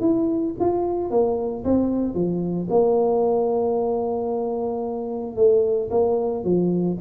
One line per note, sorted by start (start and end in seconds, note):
0.00 0.54 E4
0.60 1.10 F4
1.10 1.64 A#3
1.64 2.14 C4
2.14 2.68 F3
2.70 5.36 A#3
5.36 5.89 A3
5.90 6.44 A#3
6.44 6.97 F3